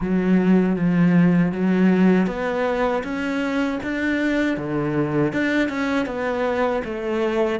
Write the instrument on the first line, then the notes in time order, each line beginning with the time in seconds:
cello
0.00 F#3
0.76 F3
1.52 F#3
2.26 B3
3.03 C#4
3.83 D4
4.57 D3
5.33 D4
5.69 C#4
6.06 B3
6.84 A3